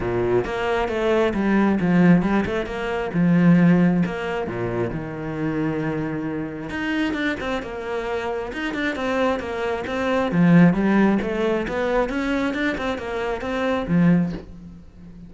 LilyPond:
\new Staff \with { instrumentName = "cello" } { \time 4/4 \tempo 4 = 134 ais,4 ais4 a4 g4 | f4 g8 a8 ais4 f4~ | f4 ais4 ais,4 dis4~ | dis2. dis'4 |
d'8 c'8 ais2 dis'8 d'8 | c'4 ais4 c'4 f4 | g4 a4 b4 cis'4 | d'8 c'8 ais4 c'4 f4 | }